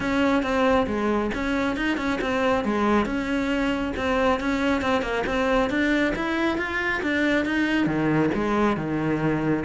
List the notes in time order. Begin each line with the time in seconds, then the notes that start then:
0.00 C#4
0.42 C4
0.87 G#3
1.34 C#4
1.76 D#4
1.97 C#4
2.21 C4
2.64 G#3
3.05 C#4
3.96 C4
4.40 C#4
4.81 C4
5.01 A#3
5.26 C4
5.69 D4
6.15 E4
6.57 F4
7.02 D4
7.45 D#4
7.86 D#3
8.34 G#3
8.77 D#3